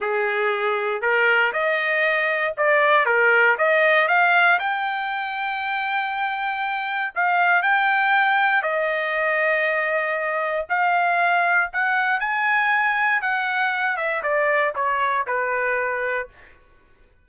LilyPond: \new Staff \with { instrumentName = "trumpet" } { \time 4/4 \tempo 4 = 118 gis'2 ais'4 dis''4~ | dis''4 d''4 ais'4 dis''4 | f''4 g''2.~ | g''2 f''4 g''4~ |
g''4 dis''2.~ | dis''4 f''2 fis''4 | gis''2 fis''4. e''8 | d''4 cis''4 b'2 | }